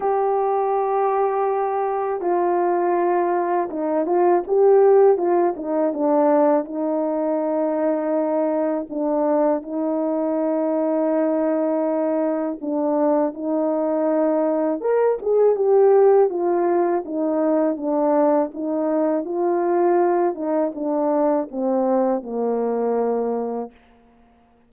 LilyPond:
\new Staff \with { instrumentName = "horn" } { \time 4/4 \tempo 4 = 81 g'2. f'4~ | f'4 dis'8 f'8 g'4 f'8 dis'8 | d'4 dis'2. | d'4 dis'2.~ |
dis'4 d'4 dis'2 | ais'8 gis'8 g'4 f'4 dis'4 | d'4 dis'4 f'4. dis'8 | d'4 c'4 ais2 | }